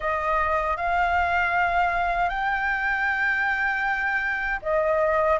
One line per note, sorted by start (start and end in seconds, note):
0.00 0.76 D#5
0.76 2.29 F5
2.29 4.59 G5
4.62 5.38 D#5